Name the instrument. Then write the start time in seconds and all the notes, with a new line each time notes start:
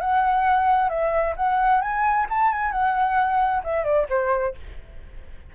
flute
0.00 F#5
0.89 E5
1.36 F#5
1.81 G#5
2.29 A5
2.52 G#5
2.71 F#5
3.63 E5
3.84 D5
4.09 C5